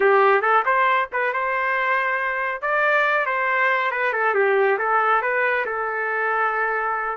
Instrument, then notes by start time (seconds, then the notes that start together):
trumpet
0.00 G4
0.41 A4
0.65 C5
1.12 B4
1.33 C5
2.61 D5
3.25 C5
3.91 B4
4.12 A4
4.34 G4
4.78 A4
5.22 B4
5.65 A4